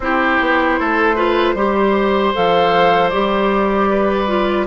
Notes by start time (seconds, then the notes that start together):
0.00 C4 E4 G4 C5
0.40 B3
0.79 A3 A4
1.15 F4 B4
1.54 G3 G4 C5
2.34 F3 A4 F5
3.09 G3 G4 D5
3.89 B4
4.27 F4